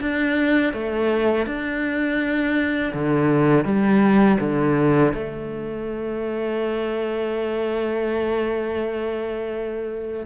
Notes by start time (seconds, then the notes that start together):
0.00 D4
0.73 A3
1.46 D4
2.93 D3
3.65 G3
4.40 D3
5.14 A3